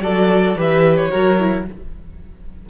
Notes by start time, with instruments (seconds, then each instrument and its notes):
0.00 cello F#3, viola F#4, violin A4 D5
0.55 cello E3, viola G4, violin B4 E5
0.96 violin C#5
1.10 cello F#3, viola F#4, violin A#4
1.39 viola E4